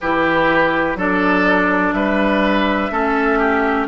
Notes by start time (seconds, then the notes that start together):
0.00 E3 E4 G4 B4
0.95 F#3 D4 A4 D5
1.93 G3 B4 E5
2.91 A3 C#4 A4
3.38 G4